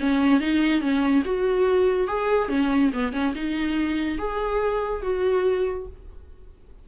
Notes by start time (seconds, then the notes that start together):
0.00 C#4
0.40 D#4
0.81 C#4
1.25 F#4
2.08 G#4
2.49 C#4
2.93 B3
3.13 C#4
3.35 D#4
4.19 G#4
5.02 F#4